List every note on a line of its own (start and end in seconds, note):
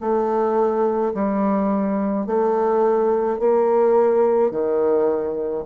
0.00 1.13 A3
1.14 2.26 G3
2.26 3.39 A3
3.39 4.51 A#3
4.51 5.64 D#3